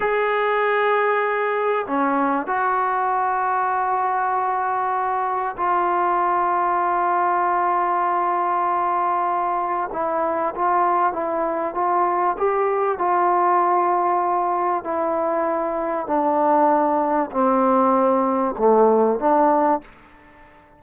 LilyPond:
\new Staff \with { instrumentName = "trombone" } { \time 4/4 \tempo 4 = 97 gis'2. cis'4 | fis'1~ | fis'4 f'2.~ | f'1 |
e'4 f'4 e'4 f'4 | g'4 f'2. | e'2 d'2 | c'2 a4 d'4 | }